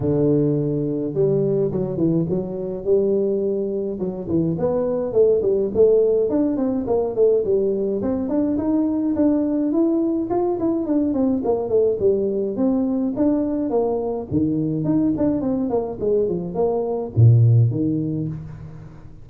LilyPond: \new Staff \with { instrumentName = "tuba" } { \time 4/4 \tempo 4 = 105 d2 g4 fis8 e8 | fis4 g2 fis8 e8 | b4 a8 g8 a4 d'8 c'8 | ais8 a8 g4 c'8 d'8 dis'4 |
d'4 e'4 f'8 e'8 d'8 c'8 | ais8 a8 g4 c'4 d'4 | ais4 dis4 dis'8 d'8 c'8 ais8 | gis8 f8 ais4 ais,4 dis4 | }